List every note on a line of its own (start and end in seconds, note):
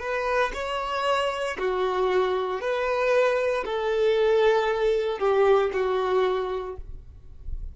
0.00 0.52 B4
0.54 1.58 C#5
1.58 2.61 F#4
2.61 3.64 B4
3.65 5.19 A4
5.19 5.71 G4
5.73 6.76 F#4